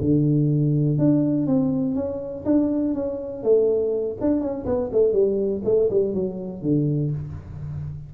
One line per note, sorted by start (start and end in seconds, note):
0.00 0.98 D3
0.98 1.46 D4
1.46 1.95 C4
1.95 2.44 C#4
2.45 2.94 D4
2.94 3.43 C#4
3.43 4.17 A3
4.20 4.40 D4
4.40 4.65 C#4
4.65 4.90 B3
4.92 5.13 A3
5.13 5.62 G3
5.64 5.89 A3
5.90 6.14 G3
6.14 6.61 F#3
6.61 7.11 D3